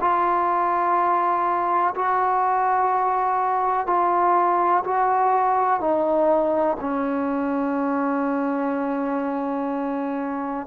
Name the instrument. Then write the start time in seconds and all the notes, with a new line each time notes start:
trombone
0.00 F4
1.94 F#4
3.86 F4
4.84 F#4
5.80 D#4
6.80 C#4